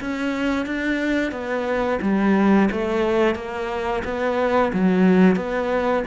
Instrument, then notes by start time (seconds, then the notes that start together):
cello
0.00 C#4
0.66 D4
1.31 B3
2.01 G3
2.71 A3
3.35 A#3
4.04 B3
4.73 F#3
5.36 B3